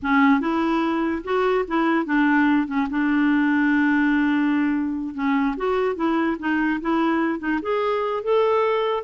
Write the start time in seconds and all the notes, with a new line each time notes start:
0.02 C#4
0.40 E4
1.24 F#4
1.67 E4
2.05 D4
2.67 C#4
2.90 D4
5.14 C#4
5.56 F#4
5.95 E4
6.39 D#4
6.80 E4
7.39 D#4
7.62 G#4
8.23 A4